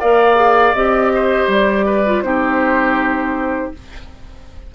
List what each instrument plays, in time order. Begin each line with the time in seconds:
0.00 bassoon A#3, clarinet A#4, oboe D5, flute F5
0.36 clarinet G#4
0.74 bassoon C4, clarinet G4, flute D#5
1.14 oboe C5
1.47 bassoon G3, flute D5
1.86 oboe B4
2.06 clarinet F4
2.22 bassoon C4, clarinet D#4, oboe G4, flute C5